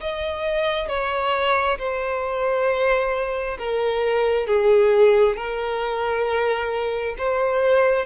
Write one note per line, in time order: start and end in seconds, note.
0.00 0.88 D#5
0.88 1.78 C#5
1.78 3.57 C5
3.58 4.47 A#4
4.47 5.36 G#4
5.36 7.15 A#4
7.18 8.05 C5